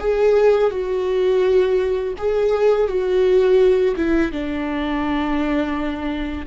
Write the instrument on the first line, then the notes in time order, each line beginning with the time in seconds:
viola
0.00 G#4
0.71 F#4
2.18 G#4
2.88 F#4
3.96 E4
4.32 D4